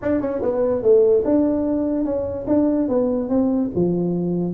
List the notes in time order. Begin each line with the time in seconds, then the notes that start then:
0.02 D4
0.21 C#4
0.41 B3
0.82 A3
1.25 D4
2.05 C#4
2.47 D4
2.88 B3
3.29 C4
3.75 F3